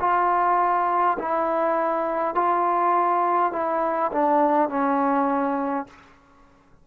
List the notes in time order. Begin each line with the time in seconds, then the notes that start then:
0.00 F4
1.19 E4
2.35 F4
3.52 E4
4.12 D4
4.70 C#4